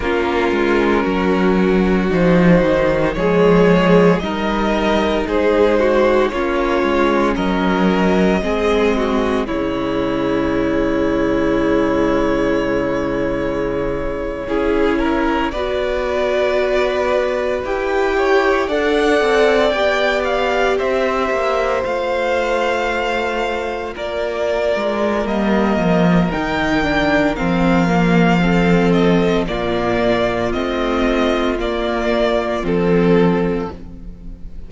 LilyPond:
<<
  \new Staff \with { instrumentName = "violin" } { \time 4/4 \tempo 4 = 57 ais'2 c''4 cis''4 | dis''4 c''4 cis''4 dis''4~ | dis''4 cis''2.~ | cis''2~ cis''8. d''4~ d''16~ |
d''8. g''4 fis''4 g''8 f''8 e''16~ | e''8. f''2 d''4~ d''16 | dis''4 g''4 f''4. dis''8 | d''4 dis''4 d''4 a'4 | }
  \new Staff \with { instrumentName = "violin" } { \time 4/4 f'4 fis'2 gis'4 | ais'4 gis'8 fis'8 f'4 ais'4 | gis'8 fis'8 e'2.~ | e'4.~ e'16 gis'8 ais'8 b'4~ b'16~ |
b'4~ b'16 cis''8 d''2 c''16~ | c''2~ c''8. ais'4~ ais'16~ | ais'2. a'4 | f'1 | }
  \new Staff \with { instrumentName = "viola" } { \time 4/4 cis'2 dis'4 gis4 | dis'2 cis'2 | c'4 gis2.~ | gis4.~ gis16 e'4 fis'4~ fis'16~ |
fis'8. g'4 a'4 g'4~ g'16~ | g'8. f'2.~ f'16 | ais4 dis'8 d'8 c'8 ais8 c'4 | ais4 c'4 ais4 c'4 | }
  \new Staff \with { instrumentName = "cello" } { \time 4/4 ais8 gis8 fis4 f8 dis8 f4 | g4 gis4 ais8 gis8 fis4 | gis4 cis2.~ | cis4.~ cis16 cis'4 b4~ b16~ |
b8. e'4 d'8 c'8 b4 c'16~ | c'16 ais8 a2 ais8. gis8 | g8 f8 dis4 f2 | ais,4 a4 ais4 f4 | }
>>